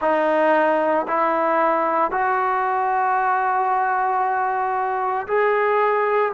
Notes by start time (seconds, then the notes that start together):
0.01 D#4
1.07 E4
2.11 F#4
5.27 G#4